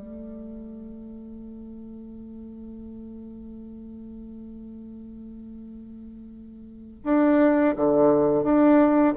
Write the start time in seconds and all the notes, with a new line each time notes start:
0.00 A3
7.04 D4
7.76 D3
8.44 D4